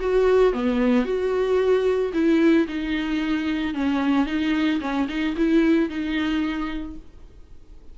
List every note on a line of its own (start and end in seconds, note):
0.00 0.53 F#4
0.53 1.05 B3
1.05 2.13 F#4
2.14 2.67 E4
2.68 3.75 D#4
3.75 4.26 C#4
4.26 4.80 D#4
4.81 5.08 C#4
5.09 5.36 D#4
5.37 5.90 E4
5.90 6.97 D#4